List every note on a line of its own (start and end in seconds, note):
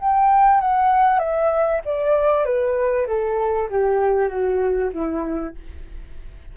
0.00 0.61 G5
0.61 1.19 F#5
1.19 1.81 E5
1.85 2.45 D5
2.45 3.07 B4
3.07 3.69 A4
3.70 4.28 G4
4.28 4.90 F#4
4.93 5.55 E4